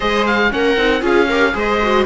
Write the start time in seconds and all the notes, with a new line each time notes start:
0.00 G#3 G#4 C5 D#5
0.26 F5
0.50 A#3 C#4 A#4 F#5
0.77 C4 D#4
1.00 C#4 F4 G#4 F5
1.28 G4 A#4
1.52 G#3 G#4 C5 D#5
1.82 F#4